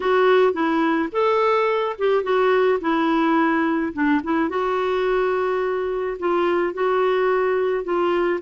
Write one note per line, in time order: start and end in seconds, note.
0.00 0.53 F#4
0.53 1.09 E4
1.12 1.96 A4
1.98 2.23 G4
2.23 2.79 F#4
2.80 3.93 E4
3.93 4.21 D4
4.23 4.49 E4
4.49 6.17 F#4
6.19 6.73 F4
6.73 7.84 F#4
7.84 8.40 F4